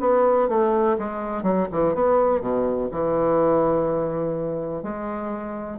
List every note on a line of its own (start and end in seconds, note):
0.00 0.48 B3
0.49 0.97 A3
0.99 1.43 G#3
1.43 1.68 F#3
1.72 1.95 E3
1.95 2.41 B3
2.41 2.90 B2
2.92 4.83 E3
4.83 5.79 G#3